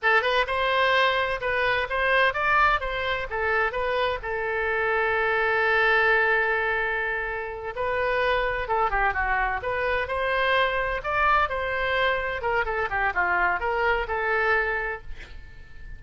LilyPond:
\new Staff \with { instrumentName = "oboe" } { \time 4/4 \tempo 4 = 128 a'8 b'8 c''2 b'4 | c''4 d''4 c''4 a'4 | b'4 a'2.~ | a'1~ |
a'8 b'2 a'8 g'8 fis'8~ | fis'8 b'4 c''2 d''8~ | d''8 c''2 ais'8 a'8 g'8 | f'4 ais'4 a'2 | }